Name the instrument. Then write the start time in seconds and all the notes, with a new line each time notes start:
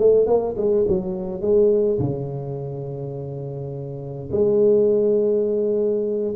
tuba
0.00 A3
0.27 A#3
0.57 G#3
0.88 F#3
1.42 G#3
2.00 C#3
4.32 G#3